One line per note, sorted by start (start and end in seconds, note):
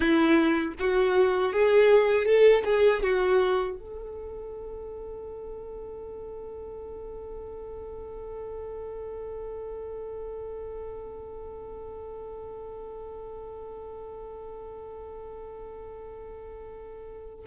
0.00 0.74 E4
0.79 1.52 F#4
1.52 2.25 G#4
2.25 2.63 A4
2.64 3.02 G#4
3.02 3.78 F#4
3.78 17.45 A4